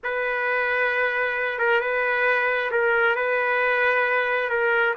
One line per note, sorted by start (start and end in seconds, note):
0.03 1.58 B4
1.58 1.80 A#4
1.80 2.70 B4
2.71 3.15 A#4
3.15 4.49 B4
4.49 4.94 A#4